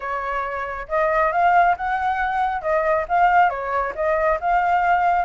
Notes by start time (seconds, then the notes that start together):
0.00 C#5
0.88 D#5
1.32 F5
1.76 F#5
2.61 D#5
3.08 F5
3.49 C#5
3.95 D#5
4.40 F5